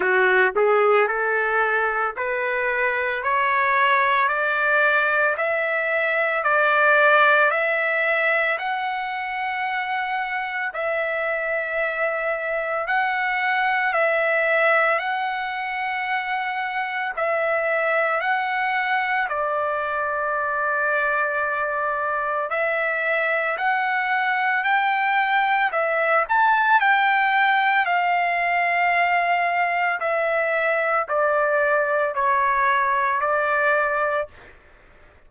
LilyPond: \new Staff \with { instrumentName = "trumpet" } { \time 4/4 \tempo 4 = 56 fis'8 gis'8 a'4 b'4 cis''4 | d''4 e''4 d''4 e''4 | fis''2 e''2 | fis''4 e''4 fis''2 |
e''4 fis''4 d''2~ | d''4 e''4 fis''4 g''4 | e''8 a''8 g''4 f''2 | e''4 d''4 cis''4 d''4 | }